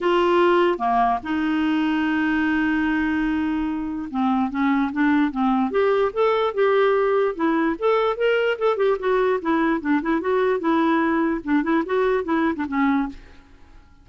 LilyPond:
\new Staff \with { instrumentName = "clarinet" } { \time 4/4 \tempo 4 = 147 f'2 ais4 dis'4~ | dis'1~ | dis'2 c'4 cis'4 | d'4 c'4 g'4 a'4 |
g'2 e'4 a'4 | ais'4 a'8 g'8 fis'4 e'4 | d'8 e'8 fis'4 e'2 | d'8 e'8 fis'4 e'8. d'16 cis'4 | }